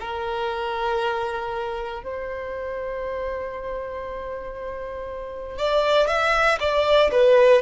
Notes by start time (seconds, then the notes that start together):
0.00 A#4
2.03 C5
5.58 D5
6.07 E5
6.60 D5
7.11 B4